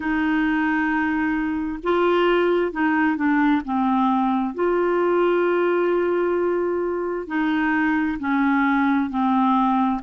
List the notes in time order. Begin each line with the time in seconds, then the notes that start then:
0.00 D#4
1.83 F4
2.71 D#4
3.16 D4
3.64 C4
4.54 F4
7.27 D#4
8.19 C#4
9.10 C4